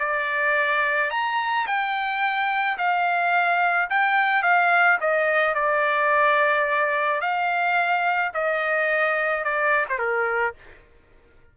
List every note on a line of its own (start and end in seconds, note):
0.00 1.11 D5
1.11 1.67 A#5
1.67 2.78 G5
2.78 3.89 F5
3.90 4.43 G5
4.43 4.99 F5
5.01 5.55 D#5
5.55 7.21 D5
7.21 8.32 F5
8.34 9.45 D#5
9.45 9.86 D5
9.89 9.99 C5
9.99 10.55 A#4